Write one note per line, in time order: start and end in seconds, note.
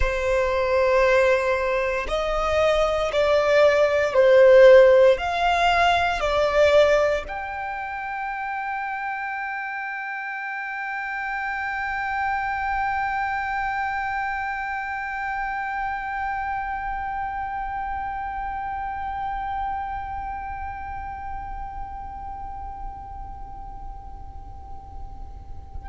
0.00 2.06 C5
2.08 3.11 D#5
3.12 4.14 D5
4.14 5.17 C5
5.17 6.20 F5
6.20 7.24 D5
7.27 25.89 G5